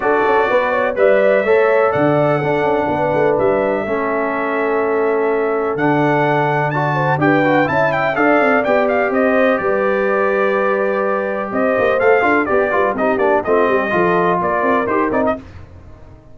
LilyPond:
<<
  \new Staff \with { instrumentName = "trumpet" } { \time 4/4 \tempo 4 = 125 d''2 e''2 | fis''2. e''4~ | e''1 | fis''2 a''4 g''4 |
a''8 g''8 f''4 g''8 f''8 dis''4 | d''1 | dis''4 f''4 d''4 dis''8 d''8 | dis''2 d''4 c''8 d''16 dis''16 | }
  \new Staff \with { instrumentName = "horn" } { \time 4/4 a'4 b'8 cis''8 d''4 cis''4 | d''4 a'4 b'2 | a'1~ | a'2 d''8 c''8 b'4 |
e''4 d''2 c''4 | b'1 | c''4. a'8 g'8 b'8 g'4 | f'8 g'8 a'4 ais'2 | }
  \new Staff \with { instrumentName = "trombone" } { \time 4/4 fis'2 b'4 a'4~ | a'4 d'2. | cis'1 | d'2 fis'4 g'8 fis'8 |
e'4 a'4 g'2~ | g'1~ | g'4 a'8 f'8 g'8 f'8 dis'8 d'8 | c'4 f'2 g'8 dis'8 | }
  \new Staff \with { instrumentName = "tuba" } { \time 4/4 d'8 cis'8 b4 g4 a4 | d4 d'8 cis'8 b8 a8 g4 | a1 | d2. d'4 |
cis'4 d'8 c'8 b4 c'4 | g1 | c'8 ais8 a8 d'8 b8 g8 c'8 ais8 | a8 g8 f4 ais8 c'8 dis'8 c'8 | }
>>